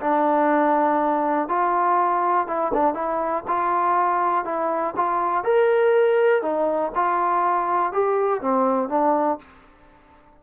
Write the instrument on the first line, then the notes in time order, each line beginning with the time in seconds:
trombone
0.00 D4
1.48 F4
2.47 E4
2.73 D4
2.93 E4
3.47 F4
4.44 E4
4.96 F4
5.44 A#4
6.42 D#4
6.95 F4
7.92 G4
8.41 C4
8.88 D4